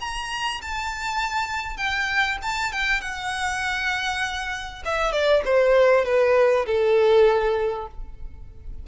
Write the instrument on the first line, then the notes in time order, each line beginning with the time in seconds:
violin
0.00 A#5
0.61 A5
1.77 G5
2.42 A5
2.72 G5
3.01 F#5
4.85 E5
5.12 D5
5.45 C5
6.05 B4
6.66 A4